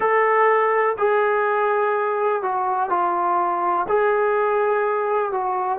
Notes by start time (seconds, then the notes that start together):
0.00 A4
0.98 G#4
2.42 F#4
2.89 F4
3.88 G#4
5.31 F#4